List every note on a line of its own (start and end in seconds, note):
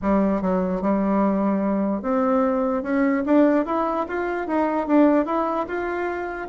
0.02 0.41 G3
0.41 0.81 F#3
0.81 2.02 G3
2.02 2.82 C4
2.82 3.23 C#4
3.25 3.65 D4
3.65 4.06 E4
4.08 4.47 F4
4.47 4.87 D#4
4.87 5.25 D4
5.25 5.66 E4
5.67 6.48 F4